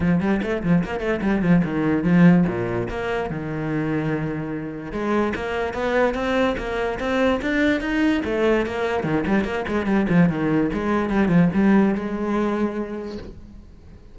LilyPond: \new Staff \with { instrumentName = "cello" } { \time 4/4 \tempo 4 = 146 f8 g8 a8 f8 ais8 a8 g8 f8 | dis4 f4 ais,4 ais4 | dis1 | gis4 ais4 b4 c'4 |
ais4 c'4 d'4 dis'4 | a4 ais4 dis8 g8 ais8 gis8 | g8 f8 dis4 gis4 g8 f8 | g4 gis2. | }